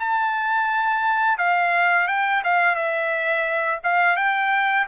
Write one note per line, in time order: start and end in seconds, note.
0.00 1.38 A5
1.38 2.08 F5
2.08 2.43 G5
2.44 2.76 F5
2.76 3.80 E5
3.84 4.17 F5
4.17 4.86 G5